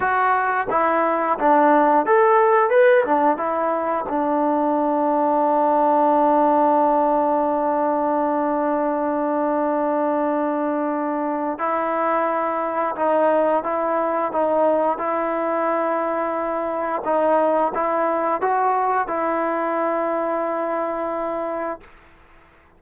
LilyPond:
\new Staff \with { instrumentName = "trombone" } { \time 4/4 \tempo 4 = 88 fis'4 e'4 d'4 a'4 | b'8 d'8 e'4 d'2~ | d'1~ | d'1~ |
d'4 e'2 dis'4 | e'4 dis'4 e'2~ | e'4 dis'4 e'4 fis'4 | e'1 | }